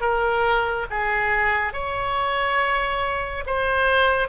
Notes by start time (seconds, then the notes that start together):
0.00 A#4
0.90 G#4
1.73 C#5
3.46 C5